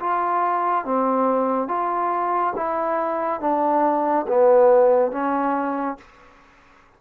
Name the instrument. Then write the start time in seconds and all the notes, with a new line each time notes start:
trombone
0.00 F4
0.85 C4
1.68 F4
2.56 E4
3.40 D4
4.27 B3
5.12 C#4